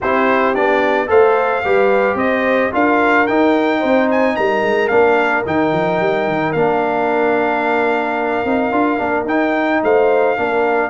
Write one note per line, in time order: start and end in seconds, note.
0.00 0.57 C4
0.00 0.54 E4
0.00 1.08 G4
0.00 0.54 C5
0.54 1.09 B3
0.54 1.07 D4
0.54 1.09 D5
1.07 1.63 A3
1.07 1.61 A4
1.07 1.63 C5
1.07 2.17 F5
1.64 2.14 G3
1.64 2.71 G4
1.64 2.16 B4
2.14 2.69 C4
2.14 2.71 C5
2.14 2.72 D#5
2.71 3.28 D4
2.71 3.26 F4
2.71 3.79 A#4
2.71 3.27 F5
3.27 3.83 D#4
3.27 4.89 D#4
3.27 4.08 G5
3.79 4.38 C4
3.79 4.34 C5
4.10 4.36 G#5
4.36 4.62 G3
4.36 9.82 A#4
4.36 4.88 A#5
4.62 4.89 G#3
4.88 5.45 A#3
4.88 5.44 D4
4.88 5.42 F5
5.46 5.72 D#3
5.46 6.55 D#4
5.46 6.52 G5
5.72 6.00 F3
6.00 6.27 G3
6.27 6.54 D#3
6.52 8.44 A#3
6.52 8.46 D4
6.52 9.25 F5
8.44 8.71 C4
8.44 8.71 D#4
8.71 8.98 D4
8.71 8.97 F4
8.97 9.25 A#3
8.97 9.25 D4
9.25 9.79 D#4
9.25 10.36 D#4
9.25 9.82 G5
9.83 10.37 A3
9.83 10.38 C5
9.83 10.89 F5
10.36 10.89 A#3
10.36 10.89 D4
10.36 10.89 A#4